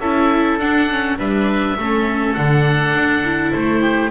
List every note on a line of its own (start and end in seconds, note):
0.00 0.59 C#4
0.00 0.60 E4
0.00 1.18 A4
0.00 0.59 E5
0.59 1.17 D4
0.59 0.90 D4
0.59 1.18 F#5
0.90 1.18 C#4
1.18 1.77 G3
1.18 1.77 D4
1.18 1.77 B4
1.18 2.35 E5
1.78 2.36 A3
1.78 2.37 C#4
1.78 3.81 A4
2.35 2.95 D3
2.35 3.24 D4
2.35 3.52 F#5
2.95 3.54 D4
3.24 4.12 E4
3.52 4.12 A3
3.52 4.11 C5
3.81 4.11 G4